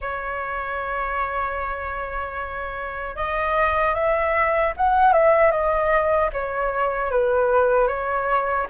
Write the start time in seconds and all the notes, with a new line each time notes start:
0.01 C#5
3.16 D#5
3.94 E5
4.76 F#5
5.12 E5
5.51 D#5
6.32 C#5
7.11 B4
7.87 C#5